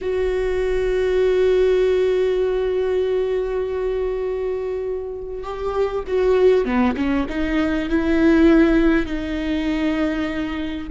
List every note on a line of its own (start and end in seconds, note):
0.01 5.43 F#4
5.43 6.04 G4
6.07 6.65 F#4
6.65 6.95 B3
6.96 7.26 C#4
7.28 7.89 D#4
7.89 9.06 E4
9.06 10.87 D#4